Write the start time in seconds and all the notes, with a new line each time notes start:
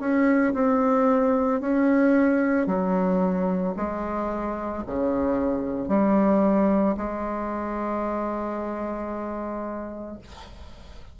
0.00 C#4
0.54 C4
1.61 C#4
2.66 F#3
3.76 G#3
4.87 C#3
5.88 G3
6.97 G#3